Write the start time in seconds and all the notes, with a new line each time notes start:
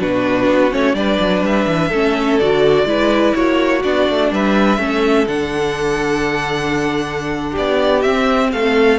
0.00 B2 D4 F#4 B4
0.48 B3
0.72 A3 C#4 C#5
0.95 G3 D4 B4 D5
1.20 F#3
1.42 G3 E5
1.67 E3
1.89 A3 C#4 A4
2.39 D3 F#4 D5
2.85 G#3 E4 B4
3.35 A#3 F#4 C#5
3.83 B3 D4 D5
4.09 A3
4.32 G3 B4 E5
4.78 A3 C#4 A4
5.28 D3 D4 F#5
7.51 G4
7.58 B3 D5
8.02 C4 E5
8.53 A3 A4 F5